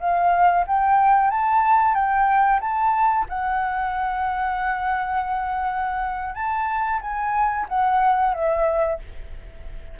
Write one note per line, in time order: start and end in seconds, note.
0.00 0.65 F5
0.67 1.31 G5
1.31 1.95 A5
1.95 2.60 G5
2.61 3.26 A5
3.29 6.35 F#5
6.35 7.00 A5
7.01 7.67 G#5
7.69 8.34 F#5
8.34 9.00 E5